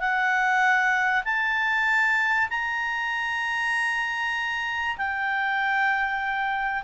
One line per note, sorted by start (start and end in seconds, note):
0.00 1.24 F#5
1.25 2.49 A5
2.50 4.97 A#5
4.98 6.83 G5